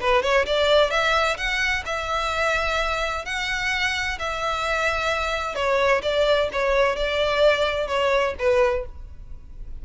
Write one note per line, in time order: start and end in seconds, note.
0.00 0.22 B4
0.22 0.45 C#5
0.46 0.90 D5
0.90 1.37 E5
1.37 1.84 F#5
1.85 3.25 E5
3.25 4.18 F#5
4.19 5.55 E5
5.55 6.02 C#5
6.02 6.49 D5
6.52 6.96 C#5
6.96 7.88 D5
7.88 8.34 C#5
8.38 8.85 B4